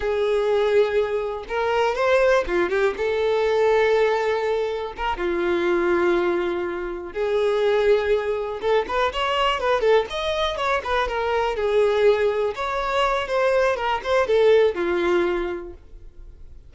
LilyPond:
\new Staff \with { instrumentName = "violin" } { \time 4/4 \tempo 4 = 122 gis'2. ais'4 | c''4 f'8 g'8 a'2~ | a'2 ais'8 f'4.~ | f'2~ f'8 gis'4.~ |
gis'4. a'8 b'8 cis''4 b'8 | a'8 dis''4 cis''8 b'8 ais'4 gis'8~ | gis'4. cis''4. c''4 | ais'8 c''8 a'4 f'2 | }